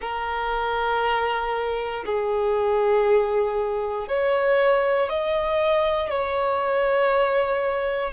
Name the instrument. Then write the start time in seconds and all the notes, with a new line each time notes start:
violin
0.00 A#4
2.05 G#4
4.07 C#5
5.08 D#5
6.10 C#5